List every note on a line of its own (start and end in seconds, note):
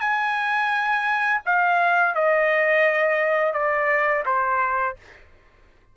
0.00 1.41 G#5
1.45 2.14 F5
2.14 3.53 D#5
3.53 4.24 D5
4.25 4.96 C5